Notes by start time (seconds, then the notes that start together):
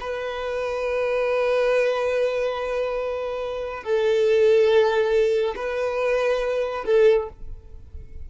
0.00 B4
3.83 A4
5.56 B4
6.85 A4